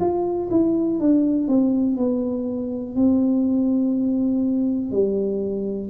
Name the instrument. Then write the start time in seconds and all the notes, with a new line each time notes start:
tuba
0.00 F4
0.51 E4
1.00 D4
1.48 C4
1.97 B3
2.96 C4
4.91 G3